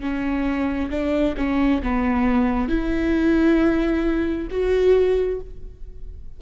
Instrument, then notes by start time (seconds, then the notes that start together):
viola
0.00 C#4
0.90 D4
1.37 C#4
1.83 B3
2.69 E4
4.51 F#4